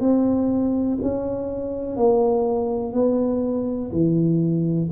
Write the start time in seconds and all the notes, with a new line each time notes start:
0.00 C4
1.02 C#4
1.97 A#3
2.93 B3
3.92 E3